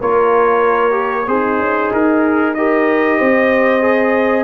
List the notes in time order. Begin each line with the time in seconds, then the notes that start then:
0.00 A#3 F4 A#4 C#5
0.91 G4
1.27 C4 D#4 G#4 C5
1.59 C#4
1.92 D#4 A#4
2.54 G4 A#4 D#5
3.18 C4 C5
3.81 G#4